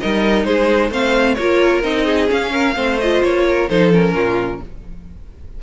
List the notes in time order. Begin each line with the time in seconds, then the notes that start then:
0.00 G3 D#4 A#4 D#5
0.44 G#3 G#4 C5
0.90 A3 C4 C5 F5
1.35 A#3 F4 A#4 C#5
1.83 C4 D#4 D#5
2.05 G#4
2.27 C#4 F5
2.52 A#4
2.75 A3 C4 C5
2.99 F4 D#5
3.23 A#3 C#5
3.48 A#4
3.69 F3 D#4 A4 C5
3.92 C#4 A#4
4.13 A#2 F4